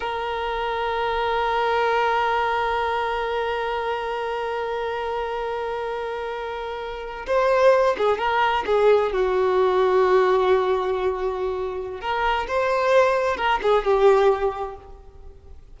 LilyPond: \new Staff \with { instrumentName = "violin" } { \time 4/4 \tempo 4 = 130 ais'1~ | ais'1~ | ais'1~ | ais'2.~ ais'8. c''16~ |
c''4~ c''16 gis'8 ais'4 gis'4 fis'16~ | fis'1~ | fis'2 ais'4 c''4~ | c''4 ais'8 gis'8 g'2 | }